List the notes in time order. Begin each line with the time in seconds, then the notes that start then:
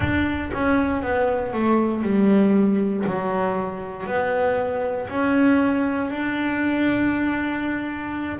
0.00 D4
0.53 C#4
1.02 B3
1.53 A3
2.02 G3
3.06 F#3
4.06 B3
5.08 C#4
6.10 D4